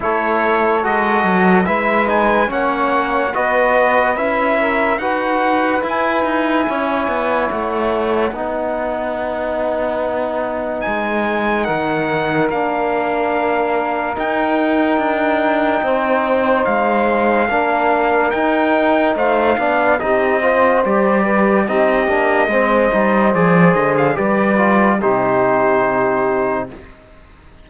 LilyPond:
<<
  \new Staff \with { instrumentName = "trumpet" } { \time 4/4 \tempo 4 = 72 cis''4 dis''4 e''8 gis''8 fis''4 | dis''4 e''4 fis''4 gis''4~ | gis''4 fis''2.~ | fis''4 gis''4 fis''4 f''4~ |
f''4 g''2. | f''2 g''4 f''4 | dis''4 d''4 dis''2 | d''8 dis''16 f''16 d''4 c''2 | }
  \new Staff \with { instrumentName = "saxophone" } { \time 4/4 a'2 b'4 cis''4 | b'4. ais'8 b'2 | cis''2 b'2~ | b'2 ais'2~ |
ais'2. c''4~ | c''4 ais'2 c''8 d''8 | g'8 c''4 b'8 g'4 c''4~ | c''4 b'4 g'2 | }
  \new Staff \with { instrumentName = "trombone" } { \time 4/4 e'4 fis'4 e'8 dis'8 cis'4 | fis'4 e'4 fis'4 e'4~ | e'2 dis'2~ | dis'2. d'4~ |
d'4 dis'2.~ | dis'4 d'4 dis'4. d'8 | dis'8 f'8 g'4 dis'8 d'8 c'8 dis'8 | gis'4 g'8 f'8 dis'2 | }
  \new Staff \with { instrumentName = "cello" } { \time 4/4 a4 gis8 fis8 gis4 ais4 | b4 cis'4 dis'4 e'8 dis'8 | cis'8 b8 a4 b2~ | b4 gis4 dis4 ais4~ |
ais4 dis'4 d'4 c'4 | gis4 ais4 dis'4 a8 b8 | c'4 g4 c'8 ais8 gis8 g8 | f8 d8 g4 c2 | }
>>